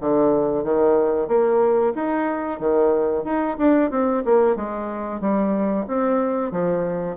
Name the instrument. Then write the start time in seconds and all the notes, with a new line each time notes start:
bassoon
0.00 D3
0.63 D#3
1.27 A#3
1.94 D#4
2.59 D#3
3.24 D#4
3.58 D4
3.90 C4
4.25 A#3
4.55 G#3
5.20 G3
5.87 C4
6.51 F3